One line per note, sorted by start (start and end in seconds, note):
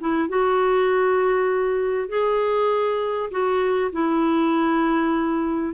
0.00 0.29 E4
0.29 2.09 F#4
2.09 3.30 G#4
3.31 3.91 F#4
3.92 5.74 E4